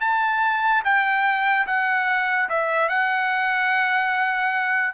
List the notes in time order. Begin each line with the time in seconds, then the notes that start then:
0.00 A5
0.84 G5
1.66 F#5
2.49 E5
2.88 F#5